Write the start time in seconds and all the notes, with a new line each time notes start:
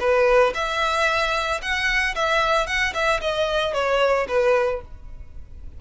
0.00 B4
0.54 E5
1.62 F#5
2.15 E5
2.66 F#5
2.94 E5
3.21 D#5
3.73 C#5
4.28 B4